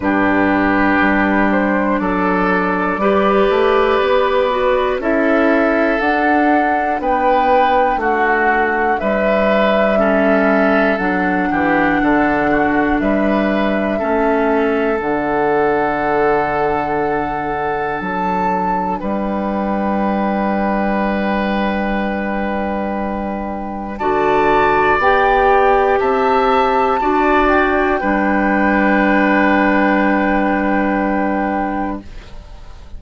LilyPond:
<<
  \new Staff \with { instrumentName = "flute" } { \time 4/4 \tempo 4 = 60 b'4. c''8 d''2~ | d''4 e''4 fis''4 g''4 | fis''4 e''2 fis''4~ | fis''4 e''2 fis''4~ |
fis''2 a''4 g''4~ | g''1 | a''4 g''4 a''4. g''8~ | g''1 | }
  \new Staff \with { instrumentName = "oboe" } { \time 4/4 g'2 a'4 b'4~ | b'4 a'2 b'4 | fis'4 b'4 a'4. g'8 | a'8 fis'8 b'4 a'2~ |
a'2. b'4~ | b'1 | d''2 e''4 d''4 | b'1 | }
  \new Staff \with { instrumentName = "clarinet" } { \time 4/4 d'2. g'4~ | g'8 fis'8 e'4 d'2~ | d'2 cis'4 d'4~ | d'2 cis'4 d'4~ |
d'1~ | d'1 | fis'4 g'2 fis'4 | d'1 | }
  \new Staff \with { instrumentName = "bassoon" } { \time 4/4 g,4 g4 fis4 g8 a8 | b4 cis'4 d'4 b4 | a4 g2 fis8 e8 | d4 g4 a4 d4~ |
d2 fis4 g4~ | g1 | d4 b4 c'4 d'4 | g1 | }
>>